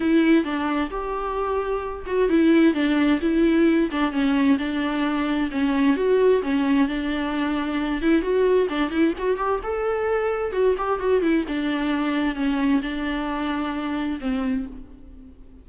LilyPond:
\new Staff \with { instrumentName = "viola" } { \time 4/4 \tempo 4 = 131 e'4 d'4 g'2~ | g'8 fis'8 e'4 d'4 e'4~ | e'8 d'8 cis'4 d'2 | cis'4 fis'4 cis'4 d'4~ |
d'4. e'8 fis'4 d'8 e'8 | fis'8 g'8 a'2 fis'8 g'8 | fis'8 e'8 d'2 cis'4 | d'2. c'4 | }